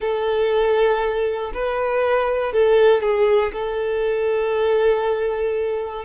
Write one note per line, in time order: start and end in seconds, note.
0.00 1.52 A4
1.54 2.52 B4
2.52 3.01 A4
3.01 3.52 G#4
3.52 6.04 A4